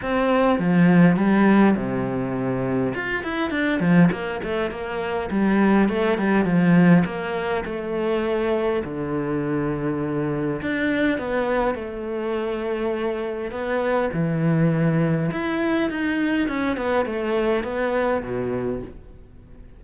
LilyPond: \new Staff \with { instrumentName = "cello" } { \time 4/4 \tempo 4 = 102 c'4 f4 g4 c4~ | c4 f'8 e'8 d'8 f8 ais8 a8 | ais4 g4 a8 g8 f4 | ais4 a2 d4~ |
d2 d'4 b4 | a2. b4 | e2 e'4 dis'4 | cis'8 b8 a4 b4 b,4 | }